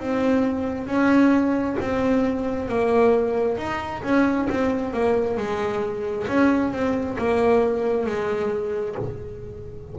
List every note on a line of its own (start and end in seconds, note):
0.00 0.87 C4
0.87 1.76 C#4
1.80 2.68 C4
2.68 3.57 A#3
3.57 4.02 D#4
4.03 4.48 C#4
4.49 4.93 C4
4.93 5.37 A#3
5.37 6.27 G#3
6.27 6.72 C#4
6.72 7.17 C4
7.18 8.06 A#3
8.06 8.96 G#3